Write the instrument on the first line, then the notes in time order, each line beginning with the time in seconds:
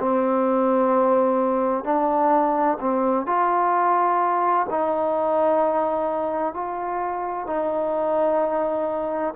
trombone
0.00 C4
1.85 D4
2.81 C4
3.26 F4
4.70 D#4
6.54 F4
7.47 D#4